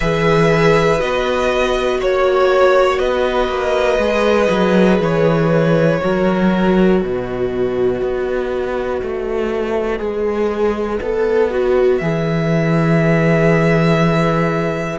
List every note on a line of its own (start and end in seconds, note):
0.00 1.01 E3
0.00 0.97 G#4
0.00 1.97 B4
0.00 1.00 E5
0.97 1.99 B3
0.97 3.98 F#4
0.97 2.00 D#5
1.99 2.98 A#3
1.99 2.99 C#5
2.98 3.48 B3
2.98 5.99 B4
2.98 4.99 D#5
3.48 3.98 A#3
3.98 4.48 G#3
3.98 6.00 G#4
4.49 4.99 F#3
4.99 5.99 E3
4.99 7.01 C#5
6.00 7.02 F#3
6.00 9.98 F#4
6.00 7.01 A#4
7.01 8.01 B2
7.01 14.99 B4
7.01 11.97 D#5
8.01 9.01 B3
9.02 9.99 A3
9.98 10.99 G#3
9.98 10.98 G#4
11.01 12.00 B3
11.01 11.50 A4
11.50 12.00 F#4
11.97 14.99 E3
11.97 14.99 G#4
11.97 14.97 E5